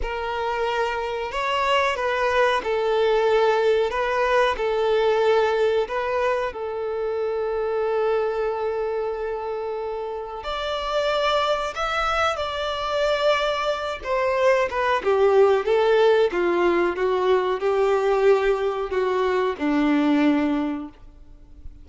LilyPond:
\new Staff \with { instrumentName = "violin" } { \time 4/4 \tempo 4 = 92 ais'2 cis''4 b'4 | a'2 b'4 a'4~ | a'4 b'4 a'2~ | a'1 |
d''2 e''4 d''4~ | d''4. c''4 b'8 g'4 | a'4 f'4 fis'4 g'4~ | g'4 fis'4 d'2 | }